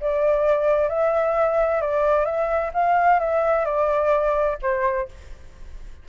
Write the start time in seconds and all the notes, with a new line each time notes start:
0.00 D5
0.89 E5
1.81 D5
2.25 E5
2.74 F5
3.20 E5
3.65 D5
4.62 C5